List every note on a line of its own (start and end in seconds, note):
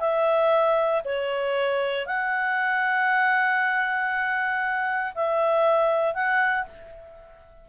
0.00 1.03 E5
1.05 2.07 C#5
2.07 5.14 F#5
5.15 6.15 E5
6.15 6.66 F#5